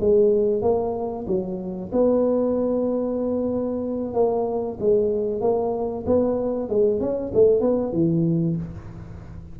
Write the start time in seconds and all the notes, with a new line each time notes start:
0.00 G#3
0.62 A#3
1.27 F#3
1.92 B3
4.14 A#3
4.80 G#3
5.41 A#3
6.06 B3
6.69 G#3
7.00 C#4
7.34 A3
7.61 B3
7.93 E3